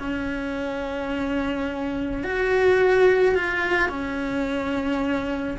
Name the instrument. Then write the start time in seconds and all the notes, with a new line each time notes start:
cello
0.00 C#4
2.24 F#4
3.35 F4
3.90 C#4